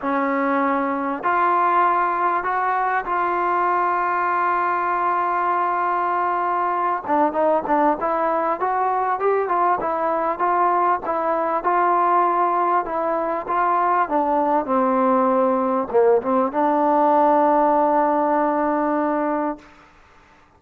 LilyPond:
\new Staff \with { instrumentName = "trombone" } { \time 4/4 \tempo 4 = 98 cis'2 f'2 | fis'4 f'2.~ | f'2.~ f'8 d'8 | dis'8 d'8 e'4 fis'4 g'8 f'8 |
e'4 f'4 e'4 f'4~ | f'4 e'4 f'4 d'4 | c'2 ais8 c'8 d'4~ | d'1 | }